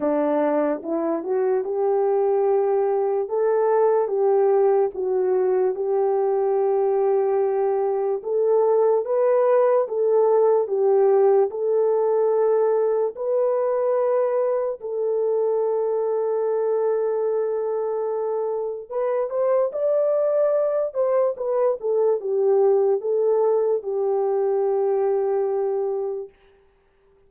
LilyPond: \new Staff \with { instrumentName = "horn" } { \time 4/4 \tempo 4 = 73 d'4 e'8 fis'8 g'2 | a'4 g'4 fis'4 g'4~ | g'2 a'4 b'4 | a'4 g'4 a'2 |
b'2 a'2~ | a'2. b'8 c''8 | d''4. c''8 b'8 a'8 g'4 | a'4 g'2. | }